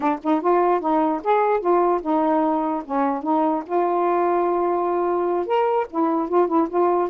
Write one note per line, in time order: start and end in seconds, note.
0.00 0.19 D4
0.23 0.41 D#4
0.41 0.80 F4
0.80 1.21 D#4
1.23 1.60 G#4
1.60 2.00 F4
2.02 2.83 D#4
2.85 3.22 C#4
3.22 3.63 D#4
3.66 5.46 F4
5.46 5.87 A#4
5.90 6.28 E4
6.28 6.47 F4
6.47 6.68 E4
6.69 7.09 F4